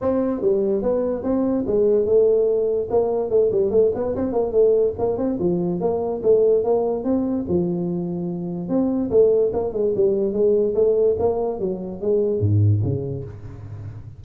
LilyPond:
\new Staff \with { instrumentName = "tuba" } { \time 4/4 \tempo 4 = 145 c'4 g4 b4 c'4 | gis4 a2 ais4 | a8 g8 a8 b8 c'8 ais8 a4 | ais8 c'8 f4 ais4 a4 |
ais4 c'4 f2~ | f4 c'4 a4 ais8 gis8 | g4 gis4 a4 ais4 | fis4 gis4 gis,4 cis4 | }